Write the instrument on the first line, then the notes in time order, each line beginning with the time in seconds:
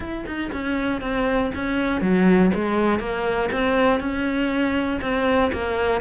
cello
0.00 E4
0.26 D#4
0.52 C#4
1.01 C4
1.55 C#4
2.01 F#3
2.54 G#3
2.99 A#3
3.51 C4
4.00 C#4
5.01 C4
5.52 A#3